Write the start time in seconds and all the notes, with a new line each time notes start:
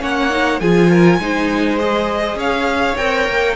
0.00 A#3 C#4 C#5 F#5
0.29 D#4
0.60 F3 F4 G#4 G#5
0.90 A#4
1.19 G#3 D#4 C5
1.78 G#4 D#5
2.35 C#4 C#5 F5
2.97 C4 A#4 G5
3.28 A#3